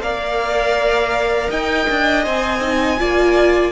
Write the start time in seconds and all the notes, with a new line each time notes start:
0.00 A#3 A#4 D5 F5
1.50 D#4 D#5 G5
1.90 D4
2.23 C4 C5 G#5
2.60 D#4
2.98 A#3 F4 D5